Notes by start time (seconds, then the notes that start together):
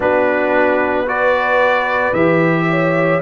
0.00 B3 D4 F#4 B4
1.06 F#4 B4 D5
2.12 E3 G4 E5
2.69 C#5